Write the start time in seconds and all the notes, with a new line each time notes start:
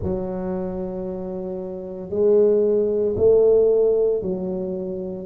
0.02 F#3
2.10 G#3
3.16 A3
4.22 F#3